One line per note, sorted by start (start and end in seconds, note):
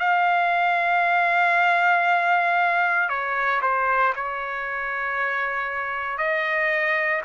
0.00 3.09 F5
3.09 3.61 C#5
3.62 4.14 C5
4.16 6.18 C#5
6.18 7.22 D#5